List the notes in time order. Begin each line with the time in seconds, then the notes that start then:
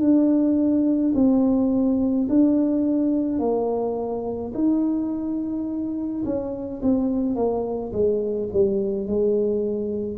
0.00 D4
1.15 C4
2.29 D4
3.39 A#3
4.54 D#4
6.25 C#4
6.82 C4
7.35 A#3
7.92 G#3
8.53 G3
9.07 G#3